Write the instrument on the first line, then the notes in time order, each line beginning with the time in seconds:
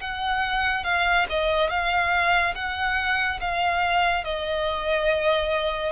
violin
0.00 F#5
0.83 F5
1.29 D#5
1.69 F5
2.55 F#5
3.40 F5
4.24 D#5